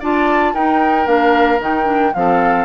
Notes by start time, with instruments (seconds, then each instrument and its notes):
0.00 bassoon D4, clarinet F4, oboe D5, flute A5
0.54 bassoon D#4, clarinet D#4, oboe A#4, flute G5
1.05 bassoon A#3, clarinet D4, flute F5
1.60 bassoon D#3, clarinet D#4, flute G5
1.85 clarinet D4
2.14 bassoon F3, clarinet C4, oboe A4, flute F5